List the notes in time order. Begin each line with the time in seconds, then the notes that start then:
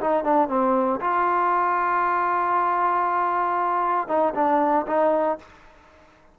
0.00 D#4
0.24 D4
0.48 C4
1.00 F4
4.08 D#4
4.34 D4
4.87 D#4